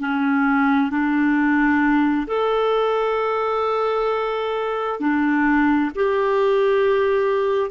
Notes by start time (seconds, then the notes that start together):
0.00 C#4
0.90 D4
2.27 A4
5.00 D4
5.95 G4